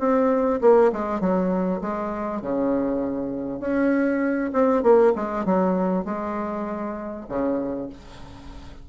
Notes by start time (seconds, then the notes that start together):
0.00 C4
0.61 A#3
0.92 G#3
1.20 F#3
1.82 G#3
2.42 C#3
3.60 C#4
4.53 C4
4.83 A#3
5.16 G#3
5.45 F#3
6.05 G#3
7.29 C#3